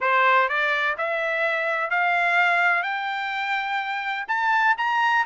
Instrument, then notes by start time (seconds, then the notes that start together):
trumpet
0.00 C5
0.48 D5
0.97 E5
1.90 F5
2.83 G5
4.28 A5
4.77 A#5